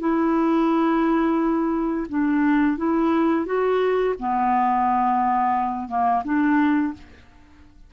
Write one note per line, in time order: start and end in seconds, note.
0.00 2.07 E4
2.09 2.78 D4
2.78 3.46 E4
3.46 4.15 F#4
4.19 5.89 B3
5.89 6.23 A#3
6.24 6.93 D4